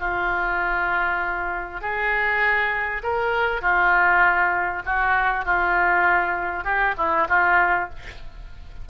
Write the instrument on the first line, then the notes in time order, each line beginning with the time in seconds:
oboe
0.00 F4
1.81 G#4
3.03 A#4
3.61 F4
4.85 F#4
5.45 F4
6.64 G4
6.97 E4
7.29 F4